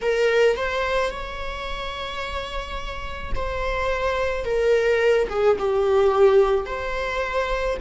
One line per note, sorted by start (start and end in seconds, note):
0.01 0.56 A#4
0.56 1.10 C5
1.10 3.32 C#5
3.35 4.44 C5
4.44 5.28 A#4
5.29 5.57 G#4
5.58 6.66 G4
6.66 7.77 C5